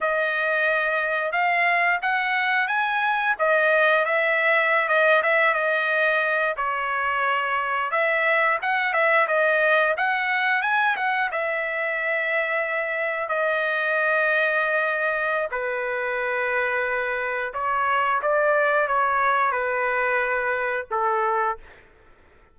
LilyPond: \new Staff \with { instrumentName = "trumpet" } { \time 4/4 \tempo 4 = 89 dis''2 f''4 fis''4 | gis''4 dis''4 e''4~ e''16 dis''8 e''16~ | e''16 dis''4. cis''2 e''16~ | e''8. fis''8 e''8 dis''4 fis''4 gis''16~ |
gis''16 fis''8 e''2. dis''16~ | dis''2. b'4~ | b'2 cis''4 d''4 | cis''4 b'2 a'4 | }